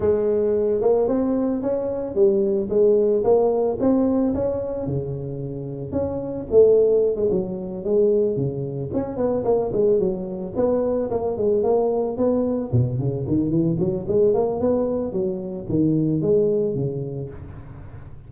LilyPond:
\new Staff \with { instrumentName = "tuba" } { \time 4/4 \tempo 4 = 111 gis4. ais8 c'4 cis'4 | g4 gis4 ais4 c'4 | cis'4 cis2 cis'4 | a4~ a16 gis16 fis4 gis4 cis8~ |
cis8 cis'8 b8 ais8 gis8 fis4 b8~ | b8 ais8 gis8 ais4 b4 b,8 | cis8 dis8 e8 fis8 gis8 ais8 b4 | fis4 dis4 gis4 cis4 | }